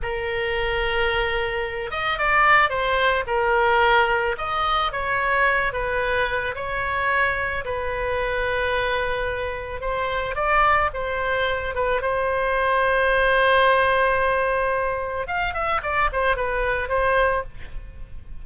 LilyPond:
\new Staff \with { instrumentName = "oboe" } { \time 4/4 \tempo 4 = 110 ais'2.~ ais'8 dis''8 | d''4 c''4 ais'2 | dis''4 cis''4. b'4. | cis''2 b'2~ |
b'2 c''4 d''4 | c''4. b'8 c''2~ | c''1 | f''8 e''8 d''8 c''8 b'4 c''4 | }